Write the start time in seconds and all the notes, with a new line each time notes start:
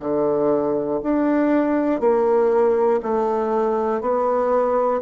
0.00 D3
1.03 D4
2.00 A#3
3.02 A3
4.01 B3